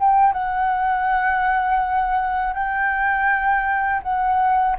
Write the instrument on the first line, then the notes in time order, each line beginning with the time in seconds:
flute
0.00 G5
0.33 F#5
2.54 G5
4.03 F#5